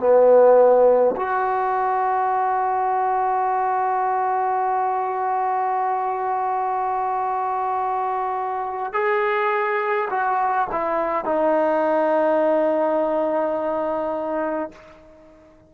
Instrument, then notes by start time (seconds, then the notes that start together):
trombone
0.00 B3
1.16 F#4
8.94 G#4
10.11 F#4
10.72 E4
11.26 D#4